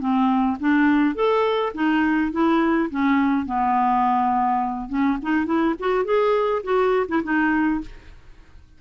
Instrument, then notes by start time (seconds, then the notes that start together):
clarinet
0.00 C4
0.60 D4
1.15 A4
1.74 D#4
2.32 E4
2.91 C#4
3.46 B3
4.89 C#4
5.22 D#4
5.46 E4
5.80 F#4
6.05 G#4
6.64 F#4
7.08 E4
7.24 D#4